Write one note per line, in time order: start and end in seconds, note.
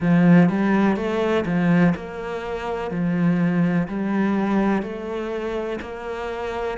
0.00 0.49 F3
0.49 0.96 G3
0.96 1.44 A3
1.45 1.94 F3
1.95 2.90 A#3
2.90 3.87 F3
3.88 4.82 G3
4.82 5.79 A3
5.81 6.77 A#3